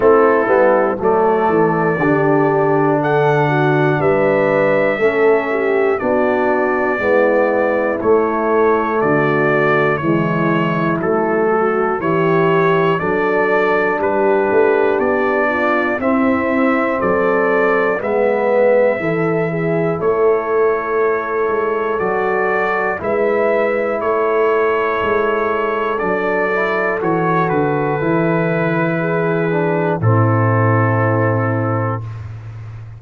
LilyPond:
<<
  \new Staff \with { instrumentName = "trumpet" } { \time 4/4 \tempo 4 = 60 a'4 d''2 fis''4 | e''2 d''2 | cis''4 d''4 cis''4 a'4 | cis''4 d''4 b'4 d''4 |
e''4 d''4 e''2 | cis''2 d''4 e''4 | cis''2 d''4 cis''8 b'8~ | b'2 a'2 | }
  \new Staff \with { instrumentName = "horn" } { \time 4/4 e'4 a'4 g'4 a'8 fis'8 | b'4 a'8 g'8 fis'4 e'4~ | e'4 fis'4 e'4. fis'8 | g'4 a'4 g'4. f'8 |
e'4 a'4 b'4 a'8 gis'8 | a'2. b'4 | a'1~ | a'4 gis'4 e'2 | }
  \new Staff \with { instrumentName = "trombone" } { \time 4/4 c'8 b8 a4 d'2~ | d'4 cis'4 d'4 b4 | a2 gis4 a4 | e'4 d'2. |
c'2 b4 e'4~ | e'2 fis'4 e'4~ | e'2 d'8 e'8 fis'4 | e'4. d'8 c'2 | }
  \new Staff \with { instrumentName = "tuba" } { \time 4/4 a8 g8 fis8 e8 d2 | g4 a4 b4 gis4 | a4 d4 e4 fis4 | e4 fis4 g8 a8 b4 |
c'4 fis4 gis4 e4 | a4. gis8 fis4 gis4 | a4 gis4 fis4 e8 d8 | e2 a,2 | }
>>